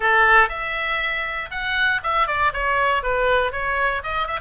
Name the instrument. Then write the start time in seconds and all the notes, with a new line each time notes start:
oboe
0.00 A4
0.49 E5
1.50 F#5
2.03 E5
2.27 D5
2.53 C#5
3.03 B4
3.52 C#5
4.03 D#5
4.27 E5